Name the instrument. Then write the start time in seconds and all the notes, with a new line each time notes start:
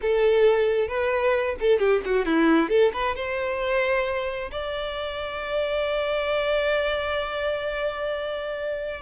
violin
0.01 A4
0.88 B4
1.60 A4
1.78 G4
2.05 F#4
2.25 E4
2.69 A4
2.93 B4
3.15 C5
4.51 D5